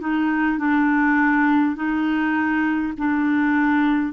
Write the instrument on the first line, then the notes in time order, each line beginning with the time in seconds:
clarinet
0.00 D#4
0.58 D4
1.75 D#4
2.97 D4